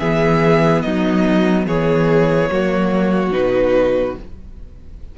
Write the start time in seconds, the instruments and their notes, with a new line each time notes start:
0.00 cello E3, viola B3, violin G#4 E5
0.82 cello F#3, violin D#4 D#5
1.67 cello E3, violin G#4 C#5
2.51 cello F#3, viola A#3, violin F#4
3.32 cello B2, viola D#4, violin B4